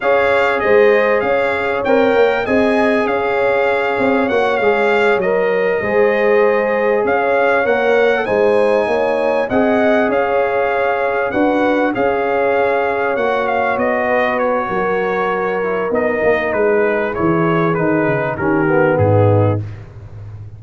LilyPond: <<
  \new Staff \with { instrumentName = "trumpet" } { \time 4/4 \tempo 4 = 98 f''4 dis''4 f''4 g''4 | gis''4 f''2 fis''8 f''8~ | f''8 dis''2. f''8~ | f''8 fis''4 gis''2 fis''8~ |
fis''8 f''2 fis''4 f''8~ | f''4. fis''8 f''8 dis''4 cis''8~ | cis''2 dis''4 b'4 | cis''4 b'4 ais'4 gis'4 | }
  \new Staff \with { instrumentName = "horn" } { \time 4/4 cis''4 c''4 cis''2 | dis''4 cis''2.~ | cis''4. c''2 cis''8~ | cis''4. c''4 cis''4 dis''8~ |
dis''8 cis''2 b'4 cis''8~ | cis''2. b'4 | ais'2. gis'4~ | gis'2 g'4 dis'4 | }
  \new Staff \with { instrumentName = "trombone" } { \time 4/4 gis'2. ais'4 | gis'2. fis'8 gis'8~ | gis'8 ais'4 gis'2~ gis'8~ | gis'8 ais'4 dis'2 gis'8~ |
gis'2~ gis'8 fis'4 gis'8~ | gis'4. fis'2~ fis'8~ | fis'4. e'8 dis'2 | e'4 dis'4 cis'8 b4. | }
  \new Staff \with { instrumentName = "tuba" } { \time 4/4 cis'4 gis4 cis'4 c'8 ais8 | c'4 cis'4. c'8 ais8 gis8~ | gis8 fis4 gis2 cis'8~ | cis'8 ais4 gis4 ais4 c'8~ |
c'8 cis'2 d'4 cis'8~ | cis'4. ais4 b4. | fis2 b8 ais8 gis4 | e4 dis8 cis8 dis4 gis,4 | }
>>